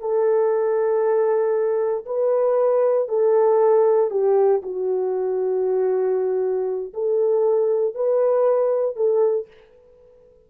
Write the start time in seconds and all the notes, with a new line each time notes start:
0.00 A4
2.06 B4
3.08 A4
4.10 G4
4.62 F#4
6.93 A4
7.94 B4
8.96 A4